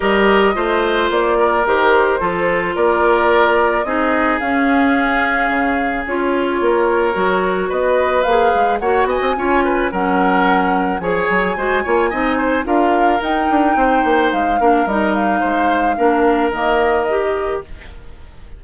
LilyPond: <<
  \new Staff \with { instrumentName = "flute" } { \time 4/4 \tempo 4 = 109 dis''2 d''4 c''4~ | c''4 d''2 dis''4 | f''2. cis''4~ | cis''2 dis''4 f''4 |
fis''8 gis''4. fis''2 | gis''2. f''4 | g''2 f''4 dis''8 f''8~ | f''2 dis''2 | }
  \new Staff \with { instrumentName = "oboe" } { \time 4/4 ais'4 c''4. ais'4. | a'4 ais'2 gis'4~ | gis'1 | ais'2 b'2 |
cis''8 dis''8 cis''8 b'8 ais'2 | cis''4 c''8 cis''8 dis''8 c''8 ais'4~ | ais'4 c''4. ais'4. | c''4 ais'2. | }
  \new Staff \with { instrumentName = "clarinet" } { \time 4/4 g'4 f'2 g'4 | f'2. dis'4 | cis'2. f'4~ | f'4 fis'2 gis'4 |
fis'4 f'4 cis'2 | gis'4 fis'8 f'8 dis'4 f'4 | dis'2~ dis'8 d'8 dis'4~ | dis'4 d'4 ais4 g'4 | }
  \new Staff \with { instrumentName = "bassoon" } { \time 4/4 g4 a4 ais4 dis4 | f4 ais2 c'4 | cis'2 cis4 cis'4 | ais4 fis4 b4 ais8 gis8 |
ais8 b16 c'16 cis'4 fis2 | f8 fis8 gis8 ais8 c'4 d'4 | dis'8 d'8 c'8 ais8 gis8 ais8 g4 | gis4 ais4 dis2 | }
>>